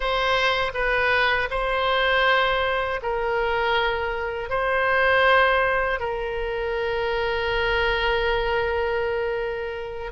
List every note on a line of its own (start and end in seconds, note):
0.00 0.72 C5
0.73 1.48 B4
1.50 3.00 C5
3.02 4.49 A#4
4.49 5.99 C5
5.99 10.11 A#4